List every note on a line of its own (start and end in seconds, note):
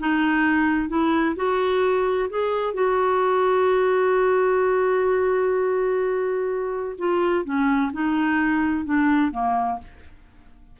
0.00 0.89 D#4
0.89 1.36 E4
1.36 2.30 F#4
2.30 2.74 G#4
2.74 6.96 F#4
6.98 7.45 F4
7.45 7.92 C#4
7.93 8.86 D#4
8.86 9.32 D4
9.32 9.79 A#3